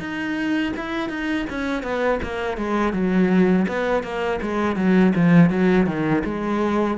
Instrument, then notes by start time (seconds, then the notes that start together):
cello
0.00 D#4
0.77 E4
1.10 D#4
1.50 C#4
1.83 B3
2.23 A#3
2.57 G#3
2.93 F#3
3.68 B3
4.03 A#3
4.42 G#3
4.76 F#3
5.16 F3
5.50 F#3
5.87 D#3
6.25 G#3